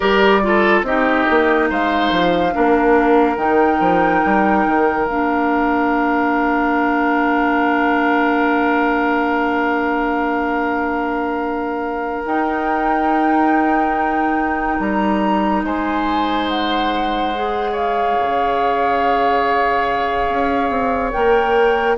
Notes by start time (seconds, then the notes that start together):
0.00 G3 G4 A#4 D5
0.42 F4 A4
0.82 C4 D#4 G4 D#5
1.29 A#3
1.69 G#3 C5 F5
2.10 F3
2.52 A#3 D4 A#4
3.36 D#3 D#4 G5
3.79 F3
4.25 G3
4.66 D#3
5.05 A#3 D4 F5
12.25 D#4 G5
14.79 G3 A#5
15.63 G#3 C5 G#5
16.49 F#5
17.34 G#4
17.71 C#5 F5
18.19 C#3
20.28 C#4
20.69 C4
21.11 A#3 A#4 G5